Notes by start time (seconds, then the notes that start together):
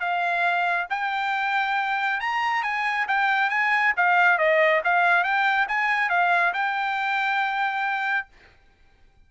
0.00 F5
0.90 G5
2.20 A#5
2.63 G#5
3.08 G5
3.50 G#5
3.97 F5
4.38 D#5
4.84 F5
5.24 G5
5.68 G#5
6.09 F5
6.53 G5